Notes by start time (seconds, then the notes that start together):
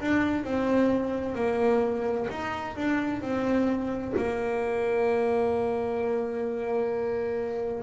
0.00 D4
0.44 C4
1.35 A#3
2.30 D#4
2.76 D4
3.21 C4
4.17 A#3